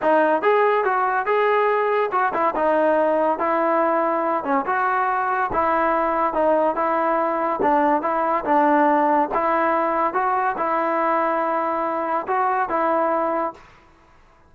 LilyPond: \new Staff \with { instrumentName = "trombone" } { \time 4/4 \tempo 4 = 142 dis'4 gis'4 fis'4 gis'4~ | gis'4 fis'8 e'8 dis'2 | e'2~ e'8 cis'8 fis'4~ | fis'4 e'2 dis'4 |
e'2 d'4 e'4 | d'2 e'2 | fis'4 e'2.~ | e'4 fis'4 e'2 | }